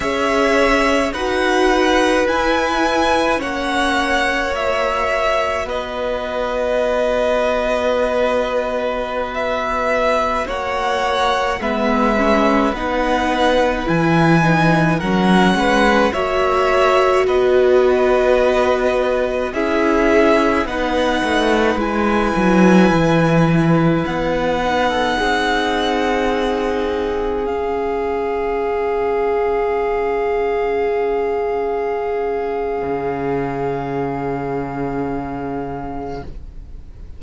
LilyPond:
<<
  \new Staff \with { instrumentName = "violin" } { \time 4/4 \tempo 4 = 53 e''4 fis''4 gis''4 fis''4 | e''4 dis''2.~ | dis''16 e''4 fis''4 e''4 fis''8.~ | fis''16 gis''4 fis''4 e''4 dis''8.~ |
dis''4~ dis''16 e''4 fis''4 gis''8.~ | gis''4~ gis''16 fis''2~ fis''8.~ | fis''16 f''2.~ f''8.~ | f''1 | }
  \new Staff \with { instrumentName = "violin" } { \time 4/4 cis''4 b'2 cis''4~ | cis''4 b'2.~ | b'4~ b'16 cis''4 b'4.~ b'16~ | b'4~ b'16 ais'8 b'8 cis''4 b'8.~ |
b'4~ b'16 gis'4 b'4.~ b'16~ | b'2 a'16 gis'4.~ gis'16~ | gis'1~ | gis'1 | }
  \new Staff \with { instrumentName = "viola" } { \time 4/4 gis'4 fis'4 e'4 cis'4 | fis'1~ | fis'2~ fis'16 b8 cis'8 dis'8.~ | dis'16 e'8 dis'8 cis'4 fis'4.~ fis'16~ |
fis'4~ fis'16 e'4 dis'4 e'8.~ | e'4.~ e'16 dis'2~ dis'16~ | dis'16 cis'2.~ cis'8.~ | cis'1 | }
  \new Staff \with { instrumentName = "cello" } { \time 4/4 cis'4 dis'4 e'4 ais4~ | ais4 b2.~ | b4~ b16 ais4 gis4 b8.~ | b16 e4 fis8 gis8 ais4 b8.~ |
b4~ b16 cis'4 b8 a8 gis8 fis16~ | fis16 e4 b4 c'4.~ c'16~ | c'16 cis'2.~ cis'8.~ | cis'4 cis2. | }
>>